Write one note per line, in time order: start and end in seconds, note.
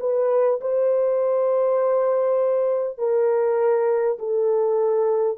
0.00 0.60 B4
0.61 2.98 C5
2.98 4.18 A#4
4.18 5.38 A4